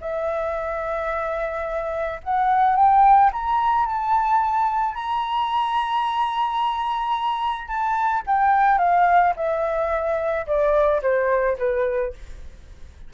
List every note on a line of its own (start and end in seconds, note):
0.00 2.20 E5
2.23 2.75 F#5
2.75 3.30 G5
3.32 3.86 A#5
3.86 4.94 A5
4.94 7.67 A#5
7.67 8.22 A5
8.26 8.78 G5
8.78 9.33 F5
9.36 10.46 E5
10.46 11.01 D5
11.02 11.57 C5
11.58 12.13 B4